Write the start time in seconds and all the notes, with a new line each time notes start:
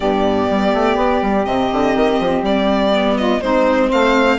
0.00 G2 B3 G4 D5
0.50 G3
0.73 A3
0.95 B3
1.21 G3
1.45 C3 C4 D#5
1.72 D3
1.95 D#3
2.19 F3
2.42 G3 D5
2.92 B3
3.16 F4 D#5
3.40 G#3 C4 D#4 C5
3.87 A3 C5 F5